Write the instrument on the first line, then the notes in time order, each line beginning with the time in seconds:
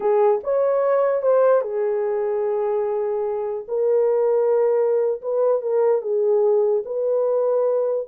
horn
0.00 G#4
0.43 C#5
1.22 C5
1.61 G#4
3.68 A#4
5.21 B4
5.61 A#4
6.01 G#4
6.85 B4